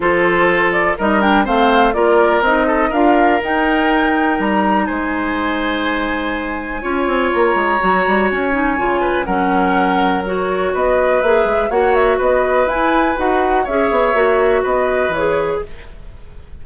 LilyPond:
<<
  \new Staff \with { instrumentName = "flute" } { \time 4/4 \tempo 4 = 123 c''4. d''8 dis''8 g''8 f''4 | d''4 dis''4 f''4 g''4~ | g''4 ais''4 gis''2~ | gis''2. ais''4~ |
ais''4 gis''2 fis''4~ | fis''4 cis''4 dis''4 e''4 | fis''8 e''8 dis''4 gis''4 fis''4 | e''2 dis''4 cis''4 | }
  \new Staff \with { instrumentName = "oboe" } { \time 4/4 a'2 ais'4 c''4 | ais'4. a'8 ais'2~ | ais'2 c''2~ | c''2 cis''2~ |
cis''2~ cis''8 b'8 ais'4~ | ais'2 b'2 | cis''4 b'2. | cis''2 b'2 | }
  \new Staff \with { instrumentName = "clarinet" } { \time 4/4 f'2 dis'8 d'8 c'4 | f'4 dis'4 f'4 dis'4~ | dis'1~ | dis'2 f'2 |
fis'4. dis'8 f'4 cis'4~ | cis'4 fis'2 gis'4 | fis'2 e'4 fis'4 | gis'4 fis'2 gis'4 | }
  \new Staff \with { instrumentName = "bassoon" } { \time 4/4 f2 g4 a4 | ais4 c'4 d'4 dis'4~ | dis'4 g4 gis2~ | gis2 cis'8 c'8 ais8 gis8 |
fis8 g8 cis'4 cis4 fis4~ | fis2 b4 ais8 gis8 | ais4 b4 e'4 dis'4 | cis'8 b8 ais4 b4 e4 | }
>>